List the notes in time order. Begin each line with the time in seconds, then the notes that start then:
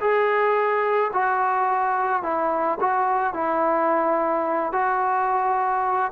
0.00 G#4
1.13 F#4
2.22 E4
2.80 F#4
3.33 E4
4.72 F#4